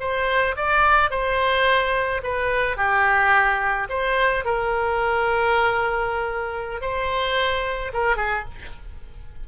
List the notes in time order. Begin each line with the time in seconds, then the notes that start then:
0.00 C5
0.56 D5
1.10 C5
2.23 B4
2.77 G4
3.89 C5
4.45 A#4
6.81 C5
7.93 A#4
8.16 G#4